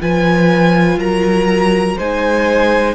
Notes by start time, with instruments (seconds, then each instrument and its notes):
0.00 cello F3, viola F4, violin B4 G#5
0.96 cello F#3, violin A#4 A#5
1.96 cello G#3, viola D#4, violin C5 G#5